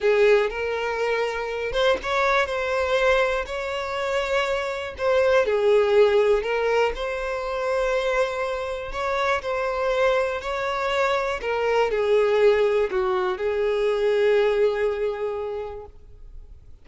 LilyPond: \new Staff \with { instrumentName = "violin" } { \time 4/4 \tempo 4 = 121 gis'4 ais'2~ ais'8 c''8 | cis''4 c''2 cis''4~ | cis''2 c''4 gis'4~ | gis'4 ais'4 c''2~ |
c''2 cis''4 c''4~ | c''4 cis''2 ais'4 | gis'2 fis'4 gis'4~ | gis'1 | }